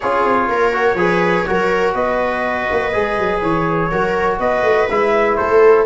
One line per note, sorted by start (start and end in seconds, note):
0.00 0.24 C#4
0.00 0.72 F4
0.00 0.49 G#4
0.00 1.94 C#5
0.24 0.47 C4
0.47 0.94 A#3
0.47 0.97 A#4
0.72 0.96 F#4
0.94 1.43 F3
0.94 1.46 G#4
0.94 1.46 B4
1.46 1.94 F#3
1.46 2.92 F#4
1.46 1.94 A#4
1.94 2.67 B3
1.94 3.89 B4
1.94 3.41 D#5
2.70 2.94 A#3
2.92 3.18 G#3
2.92 3.90 G#4
3.18 3.41 F#3
3.41 3.90 E3
3.41 4.39 C#5
3.90 4.39 F#3
3.90 4.88 F#4
3.90 4.39 A#4
4.39 4.63 B3
4.39 5.37 B4
4.39 4.88 D#5
4.63 4.87 A3
4.89 5.38 G#3
4.89 5.85 E4
4.89 5.36 E5
5.36 5.85 A3
5.36 5.85 A4
5.36 5.85 C5